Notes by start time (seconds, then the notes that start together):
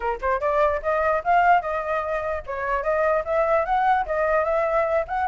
0.00 A#4
0.21 C5
0.40 D5
0.82 D#5
1.24 F5
1.61 D#5
2.46 C#5
2.83 D#5
3.25 E5
3.65 F#5
4.06 D#5
4.44 E5
5.07 F#5